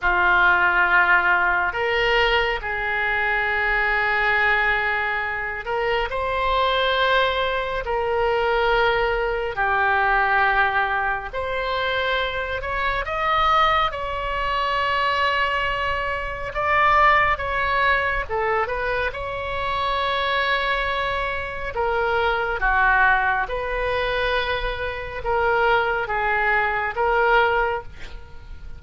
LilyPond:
\new Staff \with { instrumentName = "oboe" } { \time 4/4 \tempo 4 = 69 f'2 ais'4 gis'4~ | gis'2~ gis'8 ais'8 c''4~ | c''4 ais'2 g'4~ | g'4 c''4. cis''8 dis''4 |
cis''2. d''4 | cis''4 a'8 b'8 cis''2~ | cis''4 ais'4 fis'4 b'4~ | b'4 ais'4 gis'4 ais'4 | }